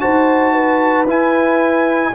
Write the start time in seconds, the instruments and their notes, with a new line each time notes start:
0.00 tuba D#4, trombone F#4, horn C5, trumpet A5
0.53 horn B4
1.06 tuba E4, trombone E4, trumpet G#5